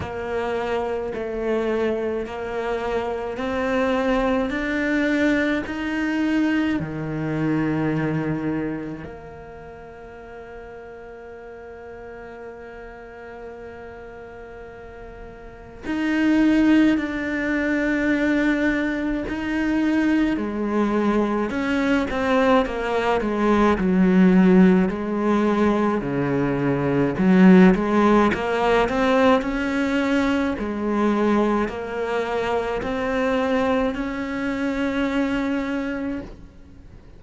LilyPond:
\new Staff \with { instrumentName = "cello" } { \time 4/4 \tempo 4 = 53 ais4 a4 ais4 c'4 | d'4 dis'4 dis2 | ais1~ | ais2 dis'4 d'4~ |
d'4 dis'4 gis4 cis'8 c'8 | ais8 gis8 fis4 gis4 cis4 | fis8 gis8 ais8 c'8 cis'4 gis4 | ais4 c'4 cis'2 | }